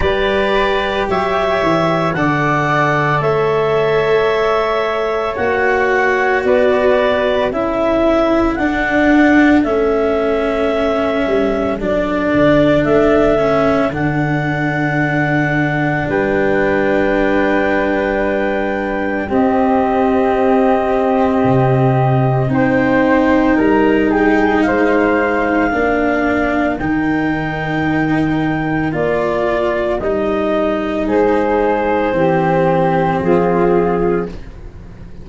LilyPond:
<<
  \new Staff \with { instrumentName = "clarinet" } { \time 4/4 \tempo 4 = 56 d''4 e''4 fis''4 e''4~ | e''4 fis''4 d''4 e''4 | fis''4 e''2 d''4 | e''4 fis''2 g''4~ |
g''2 dis''2~ | dis''4 g''4 ais''8 g''8 f''4~ | f''4 g''2 d''4 | dis''4 c''2 gis'4 | }
  \new Staff \with { instrumentName = "flute" } { \time 4/4 b'4 cis''4 d''4 cis''4~ | cis''2 b'4 a'4~ | a'1~ | a'2. b'4~ |
b'2 g'2~ | g'4 c''4 ais'8 gis'8 c''4 | ais'1~ | ais'4 gis'4 g'4 f'4 | }
  \new Staff \with { instrumentName = "cello" } { \time 4/4 g'2 a'2~ | a'4 fis'2 e'4 | d'4 cis'2 d'4~ | d'8 cis'8 d'2.~ |
d'2 c'2~ | c'4 dis'2. | d'4 dis'2 f'4 | dis'2 c'2 | }
  \new Staff \with { instrumentName = "tuba" } { \time 4/4 g4 fis8 e8 d4 a4~ | a4 ais4 b4 cis'4 | d'4 a4. g8 fis8 d8 | a4 d2 g4~ |
g2 c'2 | c4 c'4 g4 gis4 | ais4 dis2 ais4 | g4 gis4 e4 f4 | }
>>